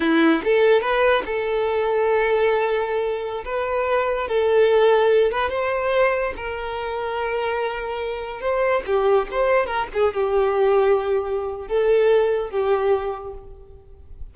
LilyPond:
\new Staff \with { instrumentName = "violin" } { \time 4/4 \tempo 4 = 144 e'4 a'4 b'4 a'4~ | a'1~ | a'16 b'2 a'4.~ a'16~ | a'8. b'8 c''2 ais'8.~ |
ais'1~ | ais'16 c''4 g'4 c''4 ais'8 gis'16~ | gis'16 g'2.~ g'8. | a'2 g'2 | }